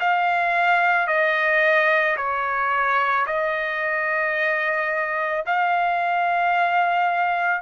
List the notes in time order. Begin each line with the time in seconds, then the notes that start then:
0.00 F5
1.07 D#5
2.17 C#5
3.26 D#5
5.46 F5